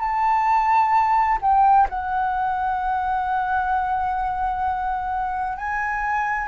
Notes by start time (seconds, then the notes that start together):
0.00 A5
1.42 G5
1.90 F#5
5.58 G#5